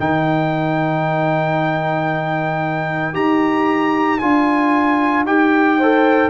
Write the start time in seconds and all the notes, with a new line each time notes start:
0.00 D#3 D#4 A#4 G5
3.14 D#4 G4 A#5
4.19 D4 F4 G#5
5.24 D#4 G4 G5
5.78 A4 C5